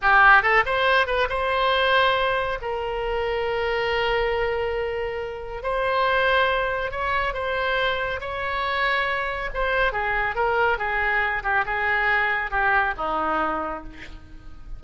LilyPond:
\new Staff \with { instrumentName = "oboe" } { \time 4/4 \tempo 4 = 139 g'4 a'8 c''4 b'8 c''4~ | c''2 ais'2~ | ais'1~ | ais'4 c''2. |
cis''4 c''2 cis''4~ | cis''2 c''4 gis'4 | ais'4 gis'4. g'8 gis'4~ | gis'4 g'4 dis'2 | }